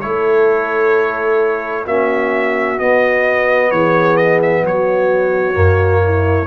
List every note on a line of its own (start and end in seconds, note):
0.00 1.86 A3
0.00 1.87 E4
0.00 1.85 A4
0.00 1.85 C#5
1.85 2.78 A#3
1.85 2.77 C#4
1.85 3.69 F#4
1.85 2.79 E5
2.77 5.54 B3
2.77 3.71 B3
2.77 3.71 D#5
3.71 4.63 E3
3.71 4.62 G#4
3.71 4.16 C#5
4.16 4.39 D#5
4.42 4.65 E5
4.62 5.55 F#3
4.62 6.01 F#4
4.62 6.46 C#5
5.54 6.46 F#2
5.54 6.46 A#3
6.04 6.46 E4